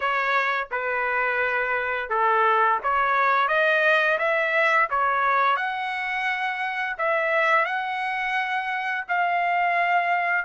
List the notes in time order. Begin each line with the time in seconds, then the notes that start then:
0.00 C#5
0.71 B4
2.09 A4
2.83 C#5
3.48 D#5
4.18 E5
4.90 C#5
5.56 F#5
6.98 E5
7.65 F#5
9.08 F5